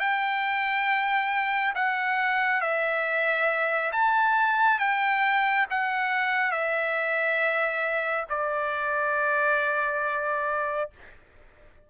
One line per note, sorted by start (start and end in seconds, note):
0.00 1.74 G5
1.75 2.62 F#5
2.62 3.92 E5
3.93 4.80 A5
4.80 5.67 G5
5.71 6.52 F#5
6.52 8.26 E5
8.30 10.91 D5